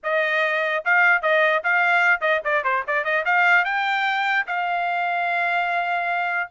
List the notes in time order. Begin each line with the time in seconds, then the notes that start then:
0.03 D#5
0.84 F5
1.22 D#5
1.63 F5
2.20 D#5
2.44 D5
2.64 C5
2.87 D5
3.04 D#5
3.25 F5
3.64 G5
4.46 F5